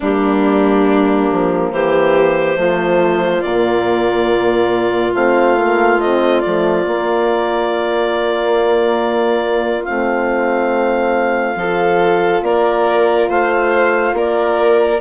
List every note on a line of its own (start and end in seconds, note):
0.00 1.29 G3
0.00 2.56 A#3
0.00 1.70 D4
0.00 1.71 G4
1.31 1.71 F3
1.71 2.57 E3
1.71 2.59 G4
1.71 3.41 C5
2.56 3.42 F3
2.56 3.41 A3
2.56 11.58 F4
3.41 5.14 A#2
3.41 5.15 A#3
3.41 5.13 D5
5.14 6.42 A3
5.14 5.58 C4
5.14 5.99 F5
5.58 6.01 A#3
5.99 6.44 C4
5.99 6.40 D#5
6.40 6.87 F3
6.40 6.84 A3
6.40 9.83 D5
6.84 9.84 A#3
6.84 9.87 A#3
9.84 11.55 A3
9.84 11.56 C4
9.84 12.41 F5
11.55 12.41 F3
11.55 15.00 F4
11.55 12.44 A4
12.41 13.27 A#3
12.41 13.29 A#4
12.41 13.28 D5
13.29 14.13 A3
13.29 14.14 C5
13.29 14.16 F5
14.13 14.98 A#3
14.13 15.00 A#4
14.13 15.00 D5